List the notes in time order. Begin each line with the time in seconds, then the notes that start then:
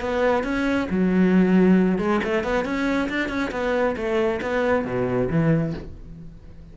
0.00 B3
0.43 C#4
0.90 F#3
1.98 G#3
2.24 A3
2.43 B3
2.65 C#4
3.09 D4
3.28 C#4
3.51 B3
3.96 A3
4.41 B3
4.84 B2
5.29 E3